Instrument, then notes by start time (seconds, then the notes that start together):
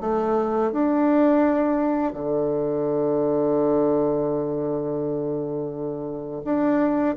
bassoon
0.00 A3
0.71 D4
2.13 D3
6.44 D4